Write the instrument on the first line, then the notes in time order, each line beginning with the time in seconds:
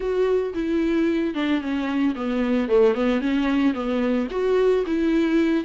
viola
0.00 F#4
0.54 E4
1.34 D4
1.61 C#4
2.15 B3
2.68 A3
2.94 B3
3.20 C#4
3.74 B3
4.30 F#4
4.86 E4